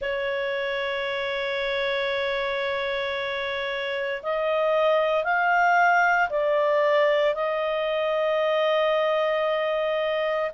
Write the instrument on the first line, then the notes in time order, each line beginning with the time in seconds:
clarinet
0.00 C#5
4.22 D#5
5.23 F5
6.29 D5
7.34 D#5